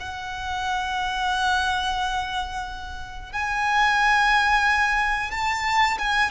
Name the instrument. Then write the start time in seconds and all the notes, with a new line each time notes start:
violin
0.00 F#5
3.32 G#5
5.31 A5
5.98 G#5